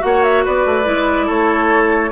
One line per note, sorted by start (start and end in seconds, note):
0.00 0.46 A#3
0.00 0.84 F#4
0.00 0.24 F#5
0.06 0.45 C#5
0.24 0.45 E5
0.45 0.66 B3
0.45 1.27 B4
0.45 1.30 D5
0.66 0.87 A3
0.84 1.29 G#3
0.84 2.10 E4
1.27 2.12 A3
1.27 2.10 A4
1.27 2.12 C#5